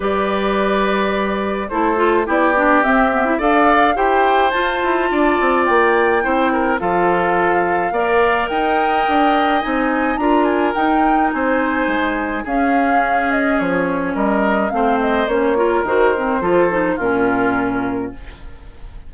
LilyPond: <<
  \new Staff \with { instrumentName = "flute" } { \time 4/4 \tempo 4 = 106 d''2. c''4 | d''4 e''4 f''4 g''4 | a''2 g''2 | f''2. g''4~ |
g''4 gis''4 ais''8 gis''8 g''4 | gis''2 f''4. dis''8 | cis''4 dis''4 f''8 dis''8 cis''4 | c''2 ais'2 | }
  \new Staff \with { instrumentName = "oboe" } { \time 4/4 b'2. a'4 | g'2 d''4 c''4~ | c''4 d''2 c''8 ais'8 | a'2 d''4 dis''4~ |
dis''2 ais'2 | c''2 gis'2~ | gis'4 ais'4 c''4. ais'8~ | ais'4 a'4 f'2 | }
  \new Staff \with { instrumentName = "clarinet" } { \time 4/4 g'2. e'8 f'8 | e'8 d'8 c'8 b16 e'16 a'4 g'4 | f'2. e'4 | f'2 ais'2~ |
ais'4 dis'4 f'4 dis'4~ | dis'2 cis'2~ | cis'2 c'4 cis'8 f'8 | fis'8 c'8 f'8 dis'8 cis'2 | }
  \new Staff \with { instrumentName = "bassoon" } { \time 4/4 g2. a4 | b4 c'4 d'4 e'4 | f'8 e'8 d'8 c'8 ais4 c'4 | f2 ais4 dis'4 |
d'4 c'4 d'4 dis'4 | c'4 gis4 cis'2 | f4 g4 a4 ais4 | dis4 f4 ais,2 | }
>>